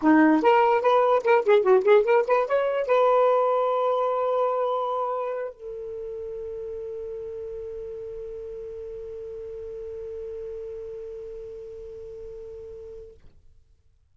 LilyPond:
\new Staff \with { instrumentName = "saxophone" } { \time 4/4 \tempo 4 = 146 dis'4 ais'4 b'4 ais'8 gis'8 | fis'8 gis'8 ais'8 b'8 cis''4 b'4~ | b'1~ | b'4. a'2~ a'8~ |
a'1~ | a'1~ | a'1~ | a'1 | }